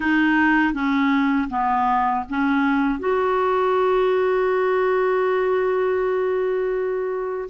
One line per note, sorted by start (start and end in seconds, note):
0.00 0.73 D#4
0.73 1.48 C#4
1.49 2.24 B3
2.29 2.99 C#4
2.99 7.49 F#4